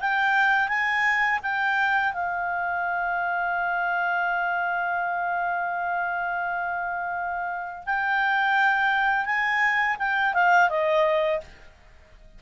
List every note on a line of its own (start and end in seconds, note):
0.00 0.68 G5
0.68 1.39 G#5
1.42 2.12 G5
2.12 7.84 F5
7.85 9.25 G5
9.25 9.96 G#5
9.98 10.34 G5
10.34 10.69 F5
10.69 11.41 D#5